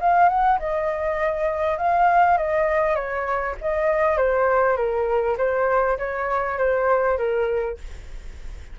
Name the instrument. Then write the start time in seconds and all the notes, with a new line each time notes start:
flute
0.00 F5
0.28 F#5
0.59 D#5
1.78 F5
2.37 D#5
2.95 C#5
3.61 D#5
4.17 C5
4.76 A#4
5.37 C5
5.98 C#5
6.58 C5
7.17 A#4